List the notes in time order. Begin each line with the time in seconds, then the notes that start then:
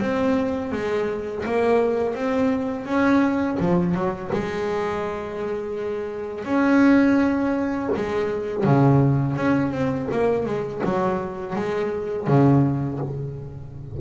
0.00 C4
0.72 G#3
1.46 A#3
2.15 C4
2.86 C#4
3.59 F3
3.94 F#3
4.33 G#3
6.45 C#4
7.96 G#3
8.64 C#3
9.36 C#4
9.72 C4
10.12 A#3
10.45 G#3
10.84 F#3
11.56 G#3
12.27 C#3